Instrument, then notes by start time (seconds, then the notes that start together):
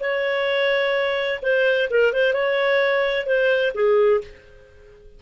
clarinet
0.00 C#5
1.42 C5
1.90 A#4
2.13 C5
2.33 C#5
3.26 C5
3.74 G#4